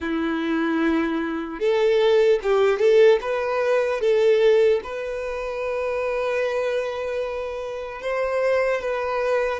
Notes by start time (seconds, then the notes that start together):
0.00 E4
1.59 A4
2.42 G4
2.79 A4
3.21 B4
4.00 A4
4.83 B4
8.01 C5
8.81 B4